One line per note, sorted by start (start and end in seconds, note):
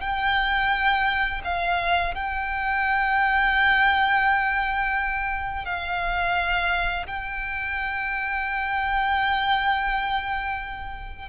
0.00 1.41 G5
1.44 2.14 F5
2.14 5.65 G5
5.65 7.06 F5
7.06 11.28 G5